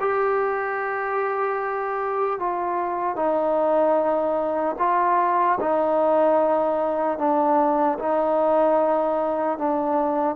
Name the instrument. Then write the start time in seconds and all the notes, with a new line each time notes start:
trombone
0.00 G4
2.40 F4
3.16 D#4
4.79 F4
5.60 D#4
7.18 D4
7.99 D#4
9.58 D4